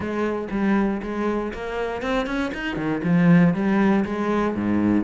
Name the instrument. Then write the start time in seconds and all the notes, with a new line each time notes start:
cello
0.00 G#3
0.50 G3
1.02 G#3
1.53 A#3
2.02 C4
2.26 C#4
2.54 D#4
2.76 D#3
3.03 F3
3.54 G3
4.05 G#3
4.54 G#2